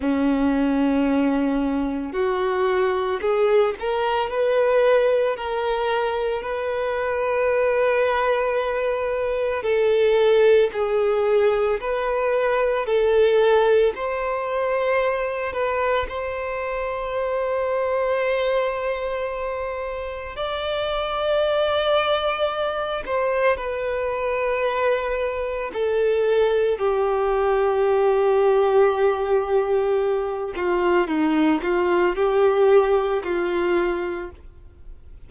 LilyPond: \new Staff \with { instrumentName = "violin" } { \time 4/4 \tempo 4 = 56 cis'2 fis'4 gis'8 ais'8 | b'4 ais'4 b'2~ | b'4 a'4 gis'4 b'4 | a'4 c''4. b'8 c''4~ |
c''2. d''4~ | d''4. c''8 b'2 | a'4 g'2.~ | g'8 f'8 dis'8 f'8 g'4 f'4 | }